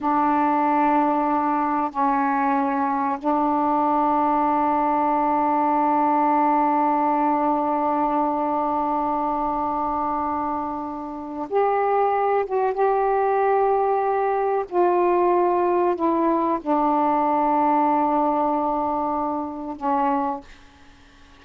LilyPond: \new Staff \with { instrumentName = "saxophone" } { \time 4/4 \tempo 4 = 94 d'2. cis'4~ | cis'4 d'2.~ | d'1~ | d'1~ |
d'2 g'4. fis'8 | g'2. f'4~ | f'4 e'4 d'2~ | d'2. cis'4 | }